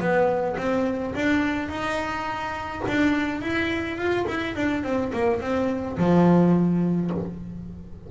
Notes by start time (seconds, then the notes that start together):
0.00 B3
0.58 C4
1.15 D4
1.69 D#4
2.88 D4
3.42 E4
3.98 F4
4.28 E4
4.56 D4
4.83 C4
5.13 A#3
5.41 C4
5.98 F3